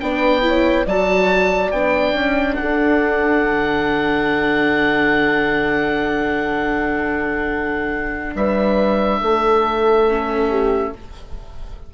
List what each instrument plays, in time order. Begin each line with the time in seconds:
0.00 bassoon B3, viola D4, horn B4, oboe G5
0.42 viola E4, horn C#5
0.86 bassoon F#3, viola F#4, horn D5, oboe A5
1.71 bassoon B3, viola D4, oboe G5
2.13 bassoon C#4
2.55 horn A4, oboe F#5
2.62 bassoon D4
3.44 bassoon D3
8.35 bassoon G3, horn B4, oboe E5
9.21 bassoon A3, horn A4
10.08 viola C#4
10.49 horn G4